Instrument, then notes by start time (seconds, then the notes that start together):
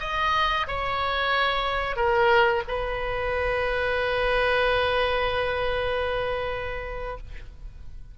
oboe
0.00 D#5
0.68 C#5
1.97 A#4
2.68 B4